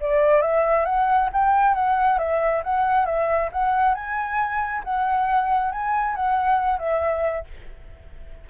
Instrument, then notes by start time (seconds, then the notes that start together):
flute
0.00 D5
0.41 E5
0.85 F#5
1.32 G5
1.74 F#5
2.18 E5
2.63 F#5
3.05 E5
3.52 F#5
3.94 G#5
4.84 F#5
5.71 G#5
6.15 F#5
6.78 E5